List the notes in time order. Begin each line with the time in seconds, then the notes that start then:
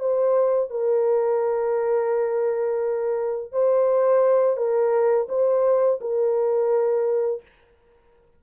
0.00 C5
0.71 A#4
3.52 C5
4.57 A#4
5.29 C5
6.01 A#4